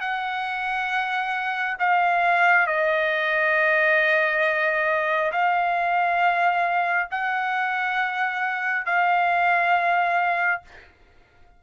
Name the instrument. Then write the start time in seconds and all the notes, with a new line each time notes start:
trumpet
0.00 F#5
1.79 F5
2.67 D#5
5.32 F5
7.10 F#5
8.85 F5